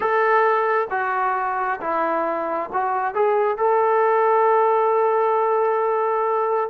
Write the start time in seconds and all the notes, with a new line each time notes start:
0.00 A4
0.90 F#4
1.80 E4
2.73 F#4
3.14 G#4
3.57 A4